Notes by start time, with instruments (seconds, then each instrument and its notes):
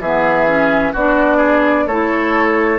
0.00 bassoon E3, clarinet B3, oboe G#4, flute E5
0.47 clarinet C#4
0.93 bassoon B3, clarinet D4, oboe F#4, flute D5
1.37 oboe G#4
1.87 bassoon A3, clarinet E4, oboe A4, flute C#5